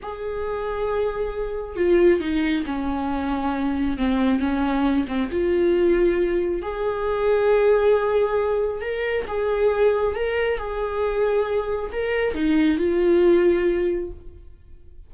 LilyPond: \new Staff \with { instrumentName = "viola" } { \time 4/4 \tempo 4 = 136 gis'1 | f'4 dis'4 cis'2~ | cis'4 c'4 cis'4. c'8 | f'2. gis'4~ |
gis'1 | ais'4 gis'2 ais'4 | gis'2. ais'4 | dis'4 f'2. | }